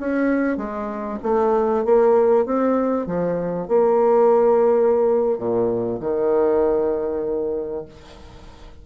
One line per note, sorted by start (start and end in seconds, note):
0.00 0.57 C#4
0.57 1.19 G#3
1.23 1.85 A3
1.85 2.46 A#3
2.46 3.07 C4
3.07 3.69 F3
3.69 5.38 A#3
5.38 6.00 A#2
6.00 7.86 D#3